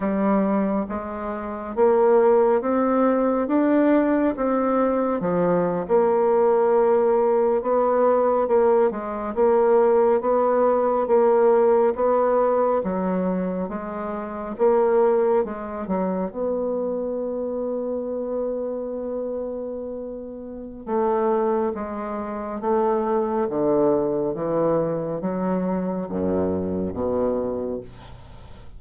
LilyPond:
\new Staff \with { instrumentName = "bassoon" } { \time 4/4 \tempo 4 = 69 g4 gis4 ais4 c'4 | d'4 c'4 f8. ais4~ ais16~ | ais8. b4 ais8 gis8 ais4 b16~ | b8. ais4 b4 fis4 gis16~ |
gis8. ais4 gis8 fis8 b4~ b16~ | b1 | a4 gis4 a4 d4 | e4 fis4 fis,4 b,4 | }